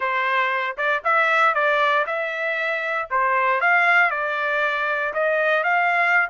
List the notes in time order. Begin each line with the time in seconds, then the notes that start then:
0.00 C5
0.77 D5
1.04 E5
1.54 D5
2.06 E5
3.10 C5
3.61 F5
4.10 D5
5.13 D#5
5.63 F5